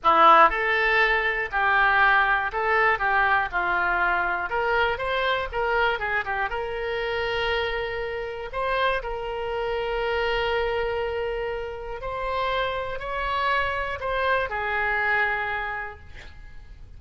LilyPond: \new Staff \with { instrumentName = "oboe" } { \time 4/4 \tempo 4 = 120 e'4 a'2 g'4~ | g'4 a'4 g'4 f'4~ | f'4 ais'4 c''4 ais'4 | gis'8 g'8 ais'2.~ |
ais'4 c''4 ais'2~ | ais'1 | c''2 cis''2 | c''4 gis'2. | }